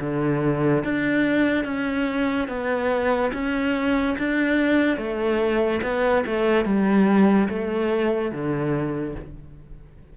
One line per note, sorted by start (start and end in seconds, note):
0.00 0.83 D3
0.84 1.64 D4
1.64 2.48 C#4
2.48 3.31 B3
3.33 4.16 C#4
4.18 4.97 D4
4.97 5.80 A3
5.83 6.24 B3
6.26 6.65 A3
6.65 7.48 G3
7.48 8.31 A3
8.31 9.15 D3